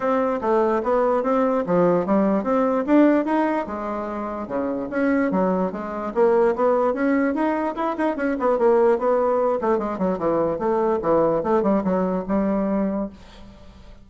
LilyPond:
\new Staff \with { instrumentName = "bassoon" } { \time 4/4 \tempo 4 = 147 c'4 a4 b4 c'4 | f4 g4 c'4 d'4 | dis'4 gis2 cis4 | cis'4 fis4 gis4 ais4 |
b4 cis'4 dis'4 e'8 dis'8 | cis'8 b8 ais4 b4. a8 | gis8 fis8 e4 a4 e4 | a8 g8 fis4 g2 | }